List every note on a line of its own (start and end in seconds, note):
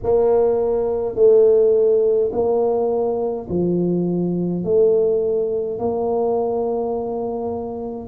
0.03 1.15 A#3
1.15 2.30 A3
2.32 3.47 A#3
3.49 4.64 F3
4.64 5.78 A3
5.78 8.08 A#3